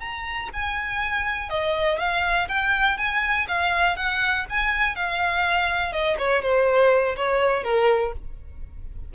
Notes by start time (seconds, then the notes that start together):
0.00 A#5
0.53 G#5
1.49 D#5
1.99 F5
2.48 G5
2.97 G#5
3.48 F5
3.96 F#5
4.49 G#5
4.95 F5
5.92 D#5
6.18 C#5
6.42 C5
7.16 C#5
7.63 A#4